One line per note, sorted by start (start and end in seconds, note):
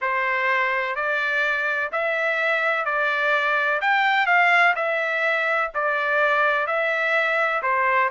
0.01 0.95 C5
0.95 1.90 D5
1.91 2.85 E5
2.85 3.80 D5
3.81 4.26 G5
4.26 4.74 F5
4.75 5.71 E5
5.74 6.66 D5
6.66 7.61 E5
7.62 8.10 C5